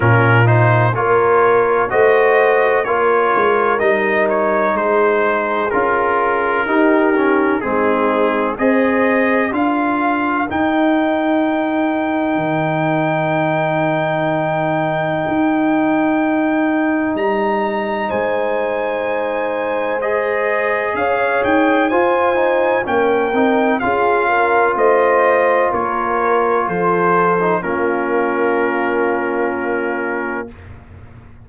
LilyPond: <<
  \new Staff \with { instrumentName = "trumpet" } { \time 4/4 \tempo 4 = 63 ais'8 c''8 cis''4 dis''4 cis''4 | dis''8 cis''8 c''4 ais'2 | gis'4 dis''4 f''4 g''4~ | g''1~ |
g''2 ais''4 gis''4~ | gis''4 dis''4 f''8 g''8 gis''4 | g''4 f''4 dis''4 cis''4 | c''4 ais'2. | }
  \new Staff \with { instrumentName = "horn" } { \time 4/4 f'4 ais'4 c''4 ais'4~ | ais'4 gis'2 g'4 | dis'4 c''4 ais'2~ | ais'1~ |
ais'2. c''4~ | c''2 cis''4 c''4 | ais'4 gis'8 ais'8 c''4 ais'4 | a'4 f'2. | }
  \new Staff \with { instrumentName = "trombone" } { \time 4/4 cis'8 dis'8 f'4 fis'4 f'4 | dis'2 f'4 dis'8 cis'8 | c'4 gis'4 f'4 dis'4~ | dis'1~ |
dis'1~ | dis'4 gis'2 f'8 dis'8 | cis'8 dis'8 f'2.~ | f'8. dis'16 cis'2. | }
  \new Staff \with { instrumentName = "tuba" } { \time 4/4 ais,4 ais4 a4 ais8 gis8 | g4 gis4 cis'4 dis'4 | gis4 c'4 d'4 dis'4~ | dis'4 dis2. |
dis'2 g4 gis4~ | gis2 cis'8 dis'8 f'4 | ais8 c'8 cis'4 a4 ais4 | f4 ais2. | }
>>